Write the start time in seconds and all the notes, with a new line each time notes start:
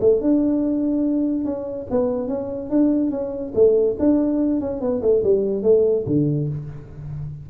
0.00 A3
0.21 D4
1.45 C#4
1.90 B3
2.28 C#4
2.70 D4
3.11 C#4
3.55 A3
3.99 D4
4.60 C#4
4.80 B3
5.02 A3
5.23 G3
5.62 A3
6.06 D3